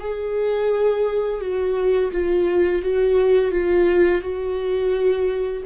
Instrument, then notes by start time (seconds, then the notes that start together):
viola
0.00 G#4
1.41 F#4
2.12 F4
2.83 F#4
3.51 F4
4.22 F#4